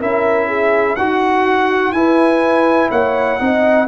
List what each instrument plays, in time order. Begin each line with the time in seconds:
0.00 tuba C#4, trombone E4, horn A#4, trumpet E5
0.48 horn G#4
0.96 tuba D#4, horn F#4, trombone F#4, trumpet F#5
1.93 tuba E4, trombone E4, horn B4, trumpet G#5
2.91 tuba A#3, horn C#5, trumpet F#5
3.39 tuba C4, trombone D#4, horn D#5